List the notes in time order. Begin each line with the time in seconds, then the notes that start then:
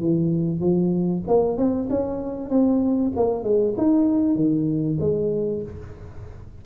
0.00 E3
0.60 F3
1.28 A#3
1.57 C4
1.90 C#4
2.50 C4
3.16 A#3
3.43 G#3
3.77 D#4
4.35 D#3
5.00 G#3